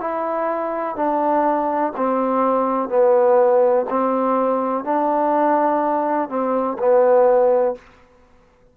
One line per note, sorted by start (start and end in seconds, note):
0.00 0.95 E4
0.95 1.92 D4
1.96 2.89 C4
2.89 3.85 B3
3.89 4.84 C4
4.84 6.29 D4
6.29 6.77 C4
6.78 7.75 B3